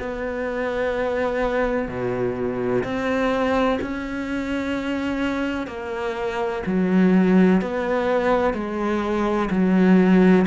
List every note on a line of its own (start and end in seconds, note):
0.00 1.88 B3
1.88 2.84 B2
2.84 3.79 C4
3.82 5.68 C#4
5.68 6.63 A#3
6.67 7.62 F#3
7.62 8.54 B3
8.54 9.49 G#3
9.51 10.46 F#3